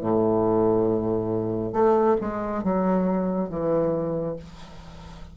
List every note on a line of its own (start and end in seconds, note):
0.00 1.72 A2
1.72 2.16 A3
2.20 2.63 G#3
2.63 3.49 F#3
3.49 4.36 E3